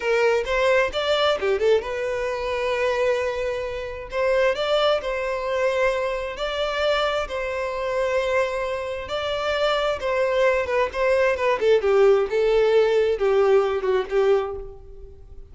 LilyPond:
\new Staff \with { instrumentName = "violin" } { \time 4/4 \tempo 4 = 132 ais'4 c''4 d''4 g'8 a'8 | b'1~ | b'4 c''4 d''4 c''4~ | c''2 d''2 |
c''1 | d''2 c''4. b'8 | c''4 b'8 a'8 g'4 a'4~ | a'4 g'4. fis'8 g'4 | }